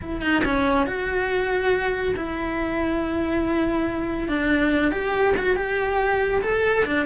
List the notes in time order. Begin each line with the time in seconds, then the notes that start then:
0.01 E4
0.21 D#4
0.44 C#4
0.86 F#4
2.16 E4
4.28 D4
4.91 G4
5.36 F#4
5.55 G4
6.41 A4
6.85 D4